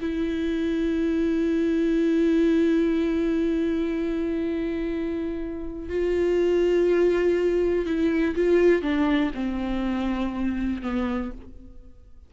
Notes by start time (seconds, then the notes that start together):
0.00 E4
5.89 F4
7.85 E4
8.35 F4
8.82 D4
9.34 C4
10.82 B3